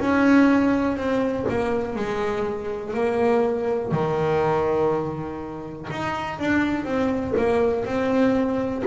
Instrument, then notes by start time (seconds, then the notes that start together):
double bass
0.00 C#4
0.97 C4
1.49 A#3
1.96 G#3
2.94 A#3
3.93 D#3
5.91 D#4
6.39 D4
6.85 C4
7.38 A#3
7.85 C4